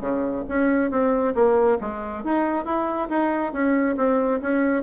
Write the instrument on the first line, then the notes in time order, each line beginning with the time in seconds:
bassoon
0.00 C#3
0.48 C#4
0.91 C4
1.34 A#3
1.80 G#3
2.24 D#4
2.65 E4
3.09 D#4
3.52 C#4
3.96 C4
4.41 C#4